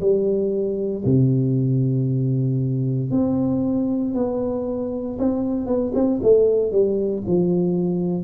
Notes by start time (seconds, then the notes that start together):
0.00 G3
1.04 C3
3.10 C4
4.14 B3
5.19 C4
5.66 B3
5.94 C4
6.22 A3
6.71 G3
7.27 F3